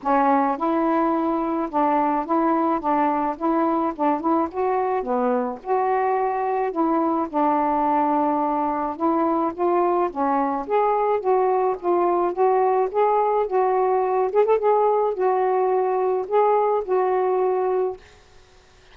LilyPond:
\new Staff \with { instrumentName = "saxophone" } { \time 4/4 \tempo 4 = 107 cis'4 e'2 d'4 | e'4 d'4 e'4 d'8 e'8 | fis'4 b4 fis'2 | e'4 d'2. |
e'4 f'4 cis'4 gis'4 | fis'4 f'4 fis'4 gis'4 | fis'4. gis'16 a'16 gis'4 fis'4~ | fis'4 gis'4 fis'2 | }